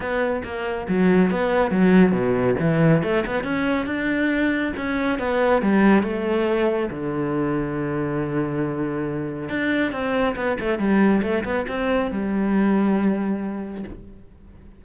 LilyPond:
\new Staff \with { instrumentName = "cello" } { \time 4/4 \tempo 4 = 139 b4 ais4 fis4 b4 | fis4 b,4 e4 a8 b8 | cis'4 d'2 cis'4 | b4 g4 a2 |
d1~ | d2 d'4 c'4 | b8 a8 g4 a8 b8 c'4 | g1 | }